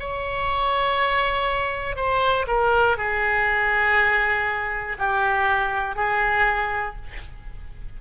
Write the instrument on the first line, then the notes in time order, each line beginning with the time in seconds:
oboe
0.00 C#5
1.96 C5
2.47 A#4
2.97 G#4
4.99 G4
5.96 G#4